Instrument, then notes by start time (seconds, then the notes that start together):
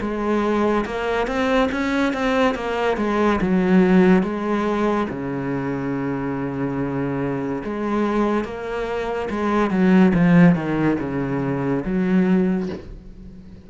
cello
0.00 G#3
0.85 A#3
1.27 C4
1.71 C#4
2.13 C4
2.55 A#3
2.97 G#3
3.41 F#3
4.23 G#3
5.09 C#3
7.64 G#3
8.44 A#3
9.30 G#3
9.70 F#3
10.14 F3
10.55 D#3
10.99 C#3
11.85 F#3